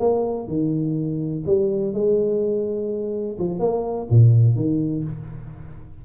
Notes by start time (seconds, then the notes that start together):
0.00 A#3
0.48 D#3
1.47 G3
1.94 G#3
3.39 F3
3.60 A#3
4.11 A#2
4.56 D#3